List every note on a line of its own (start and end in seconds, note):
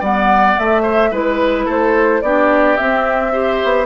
0.00 0.56 G3
0.00 0.58 B3
0.00 0.82 D5
0.00 0.59 F#5
0.58 1.12 A3
0.58 1.11 A3
0.58 1.14 E5
0.82 1.10 C5
1.11 1.66 G#3
1.11 2.22 E4
1.11 1.65 B4
1.11 1.70 B4
1.65 2.22 A3
1.65 2.20 A4
1.65 2.22 C5
2.22 2.77 B3
2.22 2.77 D4
2.22 3.32 G4
2.22 2.77 D5
2.77 3.32 C4
2.77 3.63 C4
2.77 3.86 E5
3.32 3.86 G4
3.32 3.86 C5
3.63 3.86 B3